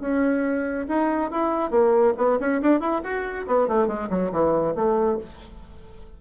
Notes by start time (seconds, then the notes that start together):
0.00 C#4
0.88 D#4
1.31 E4
1.71 A#3
2.17 B3
2.40 C#4
2.62 D4
2.80 E4
3.03 F#4
3.47 B3
3.67 A3
3.87 G#3
4.10 F#3
4.32 E3
4.75 A3